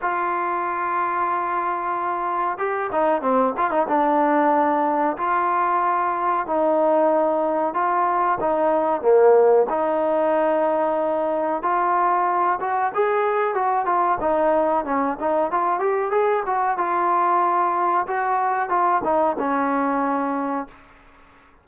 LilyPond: \new Staff \with { instrumentName = "trombone" } { \time 4/4 \tempo 4 = 93 f'1 | g'8 dis'8 c'8 f'16 dis'16 d'2 | f'2 dis'2 | f'4 dis'4 ais4 dis'4~ |
dis'2 f'4. fis'8 | gis'4 fis'8 f'8 dis'4 cis'8 dis'8 | f'8 g'8 gis'8 fis'8 f'2 | fis'4 f'8 dis'8 cis'2 | }